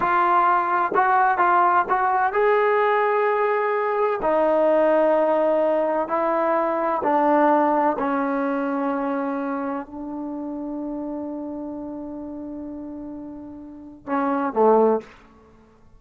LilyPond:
\new Staff \with { instrumentName = "trombone" } { \time 4/4 \tempo 4 = 128 f'2 fis'4 f'4 | fis'4 gis'2.~ | gis'4 dis'2.~ | dis'4 e'2 d'4~ |
d'4 cis'2.~ | cis'4 d'2.~ | d'1~ | d'2 cis'4 a4 | }